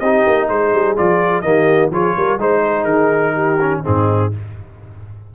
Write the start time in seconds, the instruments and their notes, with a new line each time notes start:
0.00 tuba C4, trombone D#4, horn G4, trumpet D#5
0.27 tuba A#3
0.49 tuba G#3, horn G#4, trumpet C5
0.73 tuba G3
0.97 tuba F3, trombone F4, trumpet D5
1.41 tuba D#3, trombone A#3, horn G4, trumpet D#5
1.91 tuba F3, trombone F4, horn G#4, trumpet C#5
2.17 tuba G3, horn A#4
2.38 tuba G#3, trombone D#4, horn C5, trumpet C5
2.66 horn G#4
2.85 tuba D#3, trumpet A#4
3.34 horn G4
3.61 trombone C#4
3.84 tuba G#2, trombone C4, horn D#4, trumpet G#4